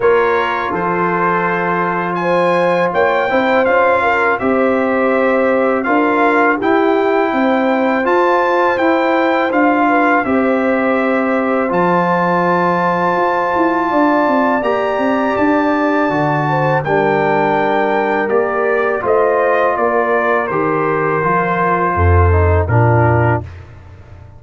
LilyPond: <<
  \new Staff \with { instrumentName = "trumpet" } { \time 4/4 \tempo 4 = 82 cis''4 c''2 gis''4 | g''4 f''4 e''2 | f''4 g''2 a''4 | g''4 f''4 e''2 |
a''1 | ais''4 a''2 g''4~ | g''4 d''4 dis''4 d''4 | c''2. ais'4 | }
  \new Staff \with { instrumentName = "horn" } { \time 4/4 ais'4 a'2 c''4 | cis''8 c''4 ais'8 c''2 | ais'4 g'4 c''2~ | c''4. b'8 c''2~ |
c''2. d''4~ | d''2~ d''8 c''8 ais'4~ | ais'2 c''4 ais'4~ | ais'2 a'4 f'4 | }
  \new Staff \with { instrumentName = "trombone" } { \time 4/4 f'1~ | f'8 e'8 f'4 g'2 | f'4 e'2 f'4 | e'4 f'4 g'2 |
f'1 | g'2 fis'4 d'4~ | d'4 g'4 f'2 | g'4 f'4. dis'8 d'4 | }
  \new Staff \with { instrumentName = "tuba" } { \time 4/4 ais4 f2. | ais8 c'8 cis'4 c'2 | d'4 e'4 c'4 f'4 | e'4 d'4 c'2 |
f2 f'8 e'8 d'8 c'8 | ais8 c'8 d'4 d4 g4~ | g4 ais4 a4 ais4 | dis4 f4 f,4 ais,4 | }
>>